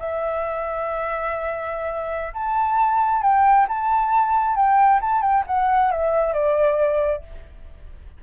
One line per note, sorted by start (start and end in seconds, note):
0.00 2.33 E5
2.34 3.22 A5
3.22 3.67 G5
3.69 4.56 A5
4.56 5.00 G5
5.01 5.22 A5
5.22 5.44 G5
5.47 5.91 F#5
5.91 6.34 E5
6.34 7.22 D5